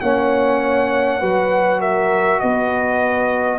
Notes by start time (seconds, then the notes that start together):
0.00 A#3 C#4 C#5 F#5
1.20 F#3 F#4 B4
1.80 A#4 E5
2.39 B3 B4 D#5